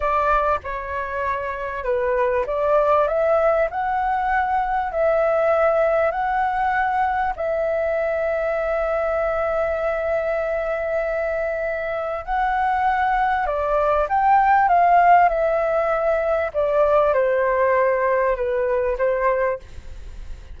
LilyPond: \new Staff \with { instrumentName = "flute" } { \time 4/4 \tempo 4 = 98 d''4 cis''2 b'4 | d''4 e''4 fis''2 | e''2 fis''2 | e''1~ |
e''1 | fis''2 d''4 g''4 | f''4 e''2 d''4 | c''2 b'4 c''4 | }